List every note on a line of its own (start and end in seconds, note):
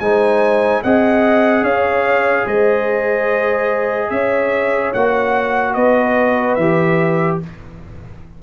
0.00 0.82 G#3
0.00 0.84 D#4
0.00 0.83 C5
0.00 0.82 G#5
0.83 1.62 C4
0.83 4.95 G#4
0.83 1.64 D#5
0.83 1.65 F#5
1.62 2.44 C#4
1.62 2.46 C#5
1.62 2.47 F5
2.46 4.11 G#3
2.46 4.11 C5
2.46 4.10 D#5
4.10 4.93 C#4
4.10 5.75 C#5
4.10 4.92 E5
4.93 5.76 A#3
4.93 6.59 F#4
4.93 5.74 F#5
5.74 6.57 B3
5.74 7.39 B4
5.74 6.55 D#5
6.55 7.40 E3
6.55 7.43 G4
6.55 7.37 E5